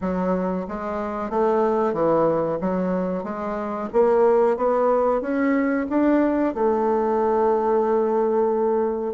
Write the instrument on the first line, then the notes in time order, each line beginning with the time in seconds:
bassoon
0.01 F#3
0.68 G#3
1.30 A3
1.93 E3
2.61 F#3
3.23 G#3
3.92 A#3
4.57 B3
5.21 C#4
5.89 D4
6.54 A3